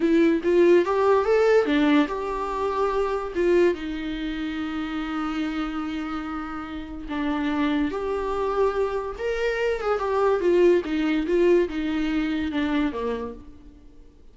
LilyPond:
\new Staff \with { instrumentName = "viola" } { \time 4/4 \tempo 4 = 144 e'4 f'4 g'4 a'4 | d'4 g'2. | f'4 dis'2.~ | dis'1~ |
dis'4 d'2 g'4~ | g'2 ais'4. gis'8 | g'4 f'4 dis'4 f'4 | dis'2 d'4 ais4 | }